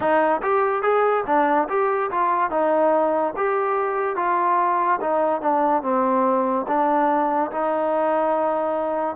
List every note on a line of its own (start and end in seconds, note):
0.00 0.41 D#4
0.42 0.82 G4
0.82 1.23 G#4
1.26 1.67 D4
1.69 2.10 G4
2.10 2.50 F4
2.50 3.33 D#4
3.36 4.16 G4
4.16 4.99 F4
5.00 5.41 D#4
5.41 5.82 D4
5.82 6.66 C4
6.67 7.50 D4
7.51 9.16 D#4